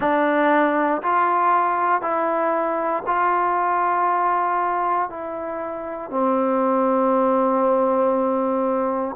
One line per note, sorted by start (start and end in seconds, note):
0.00 1.02 D4
1.02 2.01 F4
2.01 3.03 E4
3.06 5.09 F4
5.09 6.10 E4
6.10 9.15 C4